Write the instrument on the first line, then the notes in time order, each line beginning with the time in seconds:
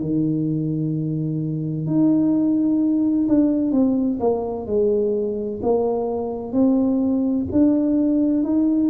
tuba
0.00 D#3
1.86 D#4
3.28 D4
3.72 C4
4.19 A#3
4.66 G#3
5.62 A#3
6.52 C4
7.51 D4
8.43 D#4